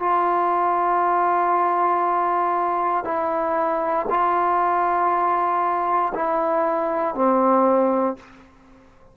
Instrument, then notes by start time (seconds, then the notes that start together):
trombone
0.00 F4
3.05 E4
4.10 F4
6.15 E4
7.15 C4